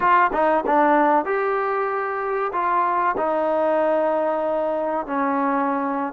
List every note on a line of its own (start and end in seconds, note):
0.00 0.30 F4
0.32 0.64 D#4
0.66 1.25 D4
1.25 2.51 G4
2.52 3.15 F4
3.17 5.06 D#4
5.06 6.13 C#4